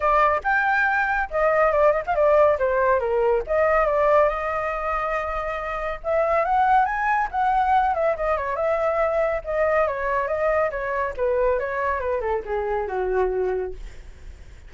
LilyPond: \new Staff \with { instrumentName = "flute" } { \time 4/4 \tempo 4 = 140 d''4 g''2 dis''4 | d''8 dis''16 f''16 d''4 c''4 ais'4 | dis''4 d''4 dis''2~ | dis''2 e''4 fis''4 |
gis''4 fis''4. e''8 dis''8 cis''8 | e''2 dis''4 cis''4 | dis''4 cis''4 b'4 cis''4 | b'8 a'8 gis'4 fis'2 | }